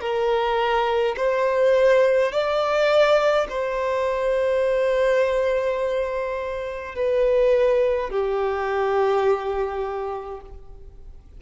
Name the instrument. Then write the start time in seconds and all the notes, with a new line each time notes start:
violin
0.00 A#4
1.17 C5
2.32 D5
3.49 C5
6.95 B4
8.10 G4